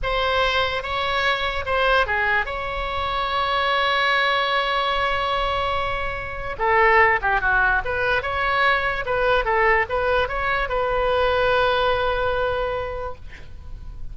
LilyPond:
\new Staff \with { instrumentName = "oboe" } { \time 4/4 \tempo 4 = 146 c''2 cis''2 | c''4 gis'4 cis''2~ | cis''1~ | cis''1 |
a'4. g'8 fis'4 b'4 | cis''2 b'4 a'4 | b'4 cis''4 b'2~ | b'1 | }